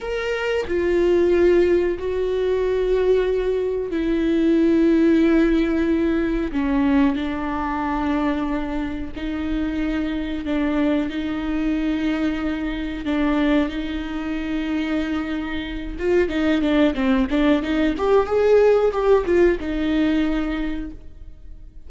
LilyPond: \new Staff \with { instrumentName = "viola" } { \time 4/4 \tempo 4 = 92 ais'4 f'2 fis'4~ | fis'2 e'2~ | e'2 cis'4 d'4~ | d'2 dis'2 |
d'4 dis'2. | d'4 dis'2.~ | dis'8 f'8 dis'8 d'8 c'8 d'8 dis'8 g'8 | gis'4 g'8 f'8 dis'2 | }